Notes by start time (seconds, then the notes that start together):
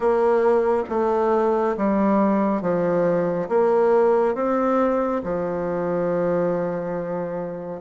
0.00 A#3
0.89 A3
1.77 G3
2.61 F3
3.48 A#3
4.34 C4
5.23 F3